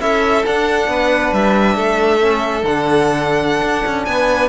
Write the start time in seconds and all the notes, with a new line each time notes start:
0.00 C#4 E4 A4 E5
0.46 D4 F#5
0.87 B3 B4
1.32 G3 E5
1.76 A3 A4
2.20 C#4
2.63 D3 D4 F#5
3.63 D4
3.86 C#4
4.05 B3 B4 G#5